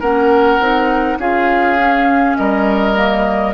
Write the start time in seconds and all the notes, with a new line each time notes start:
0.00 A#3 C#4 A#4 F#5
0.59 C4 D#4
1.18 C#4 F4 G#4 F5
1.77 C#4
2.37 G3 A#4 D#5
2.94 A#3